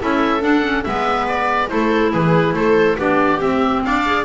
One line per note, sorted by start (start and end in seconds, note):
0.00 0.42 C#4
0.00 0.41 E4
0.00 0.86 A4
0.00 0.43 E5
0.41 0.62 D4
0.41 0.85 D4
0.41 0.84 F#5
0.62 0.84 C#4
0.84 1.71 G#3
0.84 1.69 B3
0.84 1.71 B4
0.84 1.27 E5
1.28 1.69 D5
1.69 2.14 A3
1.69 2.96 E4
1.69 2.13 A4
1.69 2.12 C5
2.13 2.54 E3
2.13 2.55 G#4
2.13 2.55 B4
2.54 2.97 A3
2.54 2.98 A4
2.54 2.98 C5
2.98 3.41 B3
2.98 3.40 D4
2.98 3.84 G4
2.98 3.41 D5
3.40 4.04 C4
3.40 3.85 C4
3.40 3.83 E5
3.85 4.25 D4
3.85 4.25 D5
3.85 4.25 F5
4.05 4.25 G#4